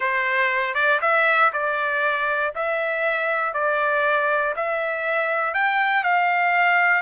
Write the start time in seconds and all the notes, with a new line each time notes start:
0.00 C5
0.74 D5
1.01 E5
1.52 D5
2.55 E5
3.53 D5
4.56 E5
5.54 G5
6.03 F5